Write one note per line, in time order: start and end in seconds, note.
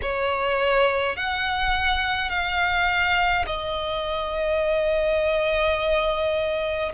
0.02 1.16 C#5
1.16 2.29 F#5
2.29 3.45 F5
3.46 6.92 D#5